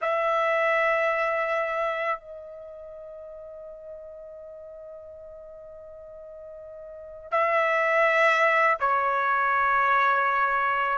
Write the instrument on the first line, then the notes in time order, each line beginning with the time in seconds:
trumpet
0.01 E5
2.20 D#5
7.31 E5
8.80 C#5